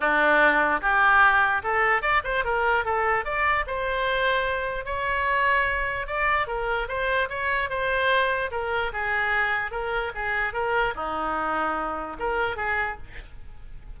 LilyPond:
\new Staff \with { instrumentName = "oboe" } { \time 4/4 \tempo 4 = 148 d'2 g'2 | a'4 d''8 c''8 ais'4 a'4 | d''4 c''2. | cis''2. d''4 |
ais'4 c''4 cis''4 c''4~ | c''4 ais'4 gis'2 | ais'4 gis'4 ais'4 dis'4~ | dis'2 ais'4 gis'4 | }